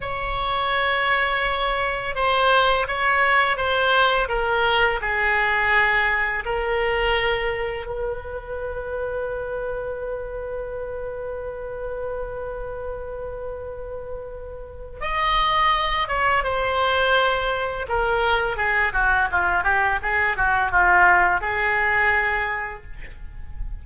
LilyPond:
\new Staff \with { instrumentName = "oboe" } { \time 4/4 \tempo 4 = 84 cis''2. c''4 | cis''4 c''4 ais'4 gis'4~ | gis'4 ais'2 b'4~ | b'1~ |
b'1~ | b'4 dis''4. cis''8 c''4~ | c''4 ais'4 gis'8 fis'8 f'8 g'8 | gis'8 fis'8 f'4 gis'2 | }